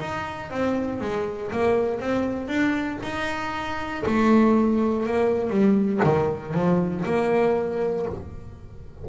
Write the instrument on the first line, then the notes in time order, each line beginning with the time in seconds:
double bass
0.00 D#4
0.51 C4
1.01 G#3
1.52 A#3
2.00 C4
2.48 D4
3.03 D#4
4.06 A3
5.06 A#3
5.50 G3
6.04 D#3
6.54 F3
7.05 A#3